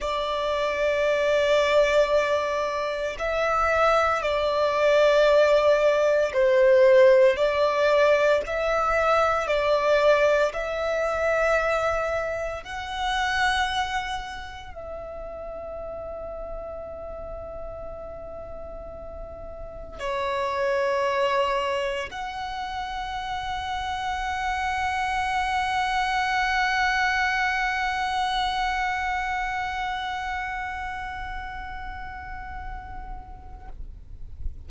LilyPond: \new Staff \with { instrumentName = "violin" } { \time 4/4 \tempo 4 = 57 d''2. e''4 | d''2 c''4 d''4 | e''4 d''4 e''2 | fis''2 e''2~ |
e''2. cis''4~ | cis''4 fis''2.~ | fis''1~ | fis''1 | }